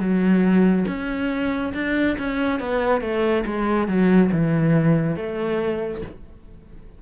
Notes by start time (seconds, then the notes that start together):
0.00 F#3
0.88 C#4
1.74 D4
2.19 C#4
2.60 B3
3.01 A3
3.46 G#3
3.88 F#3
4.32 E3
5.16 A3